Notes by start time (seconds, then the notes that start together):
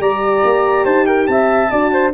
0.00 G3 G4 D5 A#5
0.44 A#3
0.85 D#4 C5 A5
1.06 A#4 G5
1.27 C4 E5 A5
1.71 D4 F#4 D5
1.93 C5